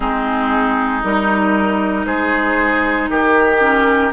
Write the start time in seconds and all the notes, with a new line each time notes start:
0.00 G#3 C4 D#4 G#4
1.03 G3 D#4 A#4
2.05 G#3 G#4 C5
3.09 D#3 G4 A#4
3.60 C#4